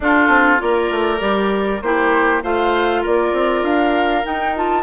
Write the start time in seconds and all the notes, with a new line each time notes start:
0.00 D4 F4 A4
0.28 C4
0.58 A#3 F4 A#4 D5
0.90 A3
1.19 G3 G4
1.81 A#3 E4 G4 C5
2.42 A3 F4 C5 F5
3.02 A#3 A#4 D5
3.32 C4
3.62 D4 F5
4.23 D#4 G5
4.56 F4 A5